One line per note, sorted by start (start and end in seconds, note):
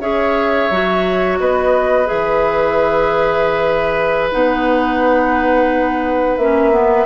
0.00 0.69 C#4
0.00 0.70 G#4
0.00 1.39 C#5
0.00 1.38 E5
0.70 1.39 F#3
0.70 2.06 F#4
1.39 2.09 B3
1.39 7.06 B4
1.39 2.07 D#5
2.06 4.33 E3
2.06 4.30 G#4
2.06 4.31 E5
4.32 6.38 B3
4.32 6.39 D#4
4.32 6.37 F#5
6.37 7.06 A#3
6.37 6.72 C#4
6.37 7.06 E5
6.72 7.06 B3